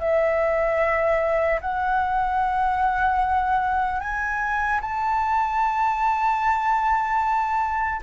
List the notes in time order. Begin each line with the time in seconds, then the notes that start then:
0.00 E5
1.61 F#5
4.00 G#5
4.81 A5